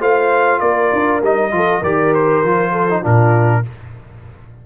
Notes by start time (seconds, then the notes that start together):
0.00 A3 F4 C5 F5
0.60 A#3 A#4 D5
0.93 D4
1.22 G3 D#4 D#5
1.52 F3 F4 A4
1.81 D#3 G4 A#4 D5
2.15 C5
2.44 F3 F4
2.72 A4
2.90 D#4
3.01 A#2 D4 F4 A#4